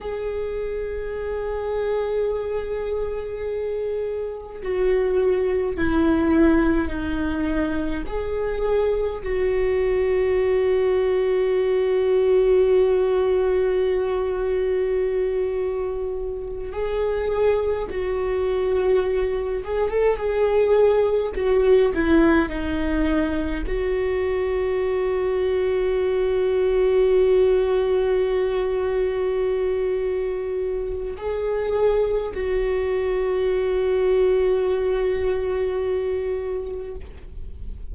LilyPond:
\new Staff \with { instrumentName = "viola" } { \time 4/4 \tempo 4 = 52 gis'1 | fis'4 e'4 dis'4 gis'4 | fis'1~ | fis'2~ fis'8 gis'4 fis'8~ |
fis'4 gis'16 a'16 gis'4 fis'8 e'8 dis'8~ | dis'8 fis'2.~ fis'8~ | fis'2. gis'4 | fis'1 | }